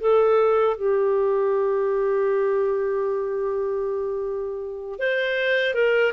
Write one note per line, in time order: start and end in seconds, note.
0.00 0.77 A4
0.77 4.99 G4
4.99 5.74 C5
5.74 6.13 A#4